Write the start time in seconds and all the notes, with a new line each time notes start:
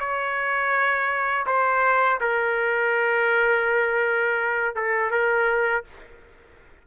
0.00 C#5
1.47 C5
2.21 A#4
4.76 A4
5.12 A#4